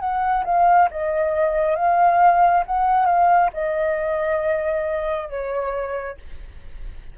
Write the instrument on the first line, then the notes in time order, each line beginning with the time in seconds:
flute
0.00 F#5
0.45 F5
0.91 D#5
1.76 F5
2.66 F#5
3.06 F5
3.54 D#5
5.30 C#5